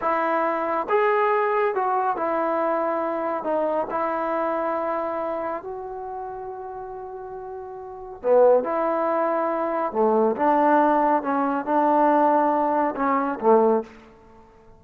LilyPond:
\new Staff \with { instrumentName = "trombone" } { \time 4/4 \tempo 4 = 139 e'2 gis'2 | fis'4 e'2. | dis'4 e'2.~ | e'4 fis'2.~ |
fis'2. b4 | e'2. a4 | d'2 cis'4 d'4~ | d'2 cis'4 a4 | }